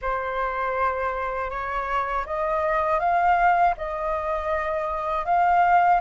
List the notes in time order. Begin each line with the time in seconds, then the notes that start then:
0.01 C5
1.50 C#5
2.25 D#5
2.99 F5
3.77 D#5
5.25 F5